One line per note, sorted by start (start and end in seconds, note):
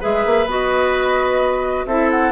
0.00 0.26 G#3
0.00 0.47 G#4
0.00 1.86 B4
0.00 0.49 E5
0.26 0.46 A#3
0.46 1.85 B3
0.46 1.88 F#4
0.46 1.86 D#5
1.86 2.32 C4
1.86 2.32 E4
1.86 2.32 A4
1.86 2.10 E5
2.10 2.32 F#5